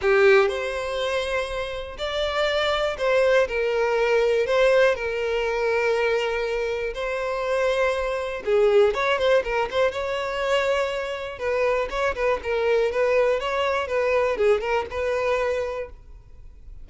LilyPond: \new Staff \with { instrumentName = "violin" } { \time 4/4 \tempo 4 = 121 g'4 c''2. | d''2 c''4 ais'4~ | ais'4 c''4 ais'2~ | ais'2 c''2~ |
c''4 gis'4 cis''8 c''8 ais'8 c''8 | cis''2. b'4 | cis''8 b'8 ais'4 b'4 cis''4 | b'4 gis'8 ais'8 b'2 | }